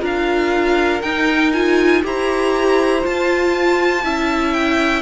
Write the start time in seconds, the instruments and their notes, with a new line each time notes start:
0.00 cello D4, viola F4, violin A#4 F5
1.02 cello D#4, viola D#4, violin G5
1.53 viola F4, violin G#5
2.04 cello E4, viola G4, violin C5 A#5
3.02 viola F4, cello F4, violin A5
4.04 cello C#4, viola E4, violin E5
4.54 violin G5